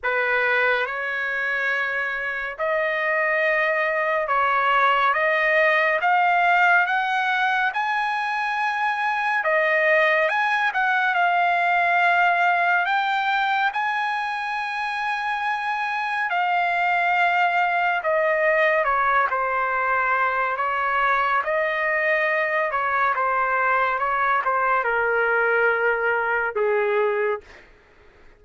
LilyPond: \new Staff \with { instrumentName = "trumpet" } { \time 4/4 \tempo 4 = 70 b'4 cis''2 dis''4~ | dis''4 cis''4 dis''4 f''4 | fis''4 gis''2 dis''4 | gis''8 fis''8 f''2 g''4 |
gis''2. f''4~ | f''4 dis''4 cis''8 c''4. | cis''4 dis''4. cis''8 c''4 | cis''8 c''8 ais'2 gis'4 | }